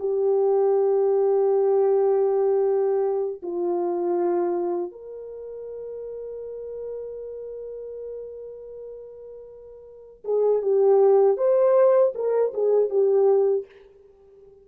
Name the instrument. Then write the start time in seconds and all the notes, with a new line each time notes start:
horn
0.00 G4
3.43 F4
4.92 A#4
10.25 G#4
10.62 G4
11.38 C5
12.15 A#4
12.54 G#4
12.90 G4